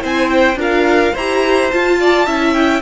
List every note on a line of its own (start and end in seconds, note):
0.00 0.55 C4
0.00 0.56 E4
0.00 0.58 C5
0.00 0.30 G#5
0.30 0.58 G5
0.55 1.11 D4
0.55 1.13 F4
0.55 1.13 A#4
0.62 1.16 F5
1.13 1.71 E4
1.13 1.72 G4
1.13 1.97 C5
1.13 1.70 A#5
1.70 2.27 F4
1.70 2.53 A5
2.00 2.26 D5
2.26 2.82 C#4
2.26 2.82 E4
2.26 2.82 E5
2.53 2.81 G5